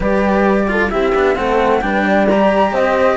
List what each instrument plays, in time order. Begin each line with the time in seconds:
0.00 cello G3 G4, horn B4, flute D5
0.67 cello F4, horn A4
0.90 cello C4 E4, horn G4, flute E5
1.14 cello B3 D4
1.35 cello A3 C4, horn A4, flute F#5
1.81 cello G3 D4, horn B4, flute G5
2.04 horn D5
2.29 cello G4, flute A#5
2.71 cello C4, horn C5, flute D#5